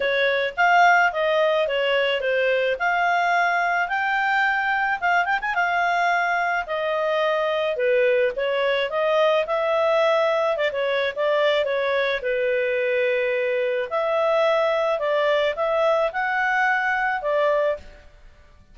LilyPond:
\new Staff \with { instrumentName = "clarinet" } { \time 4/4 \tempo 4 = 108 cis''4 f''4 dis''4 cis''4 | c''4 f''2 g''4~ | g''4 f''8 g''16 gis''16 f''2 | dis''2 b'4 cis''4 |
dis''4 e''2 d''16 cis''8. | d''4 cis''4 b'2~ | b'4 e''2 d''4 | e''4 fis''2 d''4 | }